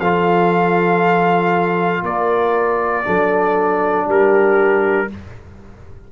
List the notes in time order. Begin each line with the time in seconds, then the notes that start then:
0.00 F3 F4 A4 F5
2.03 A#3 A#4 D5
3.04 F#3 D4 A4
4.07 G3 G4 A#4